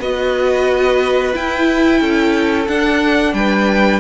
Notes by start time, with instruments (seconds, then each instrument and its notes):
0.00 cello B3, viola F#4, violin B4 D#5
1.33 viola E4, cello E4, violin G5
2.01 cello C#4, violin A4
2.68 viola D4, cello D4, violin F#5
3.33 cello G3, violin B4 G5